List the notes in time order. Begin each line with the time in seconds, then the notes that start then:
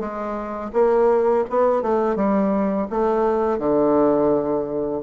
0.00 G#3
0.73 A#3
1.50 B3
1.82 A3
2.16 G3
2.91 A3
3.59 D3